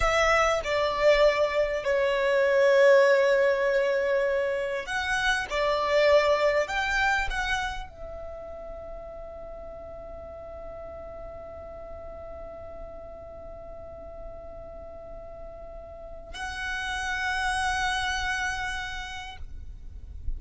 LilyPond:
\new Staff \with { instrumentName = "violin" } { \time 4/4 \tempo 4 = 99 e''4 d''2 cis''4~ | cis''1 | fis''4 d''2 g''4 | fis''4 e''2.~ |
e''1~ | e''1~ | e''2. fis''4~ | fis''1 | }